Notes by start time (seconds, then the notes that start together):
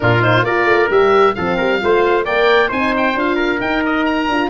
0.00 A#2 D4 F4 A#4
0.20 D#4 C5
0.42 A#3 F4 A#4 D5
0.64 A3
0.89 G3 G4 E5
1.34 F3 C4 A4 F5
1.56 G3 A#4
1.80 A3 F4 C5
2.24 A#3 A#4 D5 G5
2.68 C4 D#4 C5 G#5
2.96 G5
3.15 D4 F4 F5
3.35 A#4
3.59 D#4 G5
3.85 D#5
4.05 A#5
4.28 D4 F4